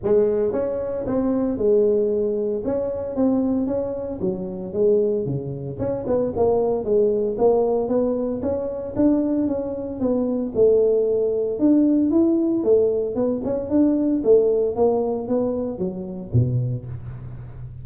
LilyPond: \new Staff \with { instrumentName = "tuba" } { \time 4/4 \tempo 4 = 114 gis4 cis'4 c'4 gis4~ | gis4 cis'4 c'4 cis'4 | fis4 gis4 cis4 cis'8 b8 | ais4 gis4 ais4 b4 |
cis'4 d'4 cis'4 b4 | a2 d'4 e'4 | a4 b8 cis'8 d'4 a4 | ais4 b4 fis4 b,4 | }